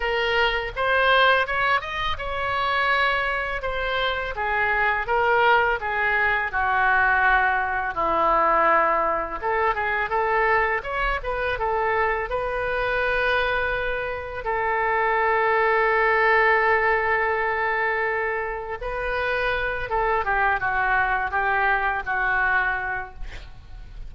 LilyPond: \new Staff \with { instrumentName = "oboe" } { \time 4/4 \tempo 4 = 83 ais'4 c''4 cis''8 dis''8 cis''4~ | cis''4 c''4 gis'4 ais'4 | gis'4 fis'2 e'4~ | e'4 a'8 gis'8 a'4 cis''8 b'8 |
a'4 b'2. | a'1~ | a'2 b'4. a'8 | g'8 fis'4 g'4 fis'4. | }